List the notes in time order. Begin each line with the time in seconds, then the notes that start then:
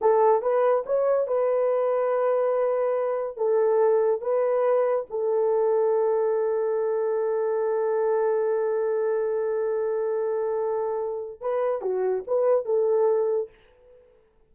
0.01 A4
0.41 B4
0.86 C#5
1.27 B4
3.36 A4
4.21 B4
5.10 A4
11.40 B4
11.81 F#4
12.27 B4
12.65 A4